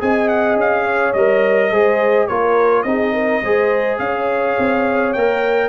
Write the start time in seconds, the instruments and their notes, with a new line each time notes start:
0.00 tuba C4, trombone G#4, horn D#5, trumpet G#5
0.29 trumpet F#5
0.56 tuba C#4, trumpet F5
0.84 horn C#5
1.14 tuba G3, trombone A#4, trumpet D#5
1.72 tuba G#3, trombone G#4, horn C5
2.28 tuba A#3, trombone F4, horn A#4, trumpet C#5
2.83 tuba C4, trombone D#4, horn G#4, trumpet D#5
3.14 horn A#4
3.43 tuba G#3, trombone G#4, horn C5
3.99 tuba C#4, horn C#5, trumpet F5
4.59 tuba C4
5.13 tuba A#3, trombone A#4, trumpet G5